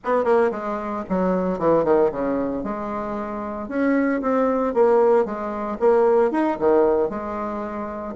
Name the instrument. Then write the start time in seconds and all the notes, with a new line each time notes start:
bassoon
0.04 B3
0.24 A#3
0.51 G#3
1.09 F#3
1.59 E3
1.84 D#3
2.11 C#3
2.63 G#3
3.68 C#4
4.21 C4
4.73 A#3
5.25 G#3
5.79 A#3
6.31 D#4
6.59 D#3
7.09 G#3